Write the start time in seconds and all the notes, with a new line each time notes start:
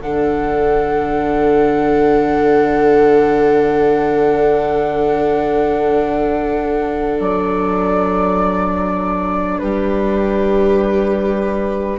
0.00 D3 D4 A4 F#5
7.20 F#3 D5
9.59 G3 G4 B4